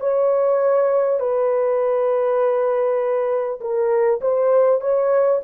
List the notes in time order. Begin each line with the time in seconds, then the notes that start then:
0.00 C#5
1.19 B4
3.61 A#4
4.21 C5
4.81 C#5